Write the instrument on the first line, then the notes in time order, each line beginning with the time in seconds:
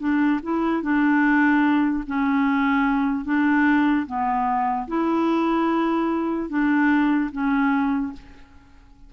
clarinet
0.00 D4
0.43 E4
0.83 D4
2.07 C#4
3.25 D4
4.07 B3
4.88 E4
6.50 D4
7.32 C#4